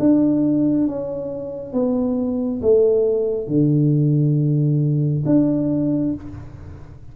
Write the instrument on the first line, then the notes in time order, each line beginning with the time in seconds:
tuba
0.00 D4
0.88 C#4
1.73 B3
2.62 A3
3.48 D3
5.26 D4